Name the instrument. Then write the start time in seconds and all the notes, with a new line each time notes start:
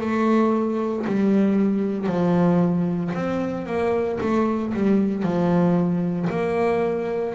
double bass
0.00 A3
1.07 G3
2.07 F3
3.14 C4
3.66 A#3
4.21 A3
4.74 G3
5.23 F3
6.30 A#3